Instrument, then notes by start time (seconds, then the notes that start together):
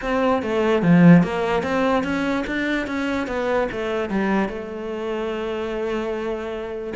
cello
0.01 C4
0.42 A3
0.82 F3
1.23 A#3
1.62 C4
2.03 C#4
2.46 D4
2.86 C#4
3.27 B3
3.71 A3
4.09 G3
4.48 A3